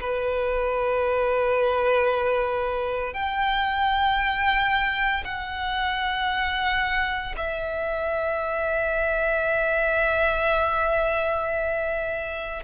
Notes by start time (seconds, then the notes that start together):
0.00 B4
3.13 G5
5.24 F#5
7.37 E5